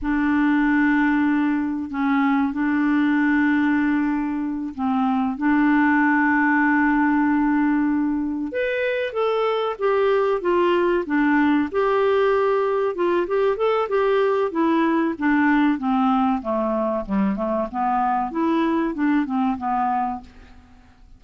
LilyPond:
\new Staff \with { instrumentName = "clarinet" } { \time 4/4 \tempo 4 = 95 d'2. cis'4 | d'2.~ d'8 c'8~ | c'8 d'2.~ d'8~ | d'4. b'4 a'4 g'8~ |
g'8 f'4 d'4 g'4.~ | g'8 f'8 g'8 a'8 g'4 e'4 | d'4 c'4 a4 g8 a8 | b4 e'4 d'8 c'8 b4 | }